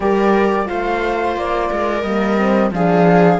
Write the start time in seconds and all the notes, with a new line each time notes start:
0.00 G3 G4 A#4 D5
0.65 A3 F4 C5 F5
1.36 A#3 D5
1.69 G#3 A#4
2.02 G3 A#3 D#5
2.37 C4
2.71 F3 D4 G#4 F5